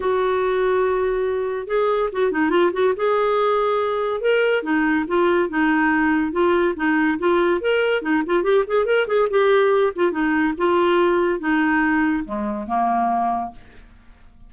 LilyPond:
\new Staff \with { instrumentName = "clarinet" } { \time 4/4 \tempo 4 = 142 fis'1 | gis'4 fis'8 dis'8 f'8 fis'8 gis'4~ | gis'2 ais'4 dis'4 | f'4 dis'2 f'4 |
dis'4 f'4 ais'4 dis'8 f'8 | g'8 gis'8 ais'8 gis'8 g'4. f'8 | dis'4 f'2 dis'4~ | dis'4 gis4 ais2 | }